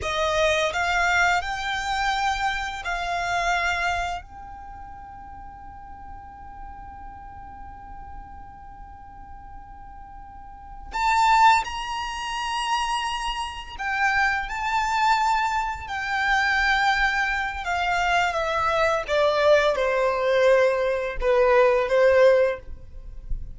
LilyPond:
\new Staff \with { instrumentName = "violin" } { \time 4/4 \tempo 4 = 85 dis''4 f''4 g''2 | f''2 g''2~ | g''1~ | g''2.~ g''8 a''8~ |
a''8 ais''2. g''8~ | g''8 a''2 g''4.~ | g''4 f''4 e''4 d''4 | c''2 b'4 c''4 | }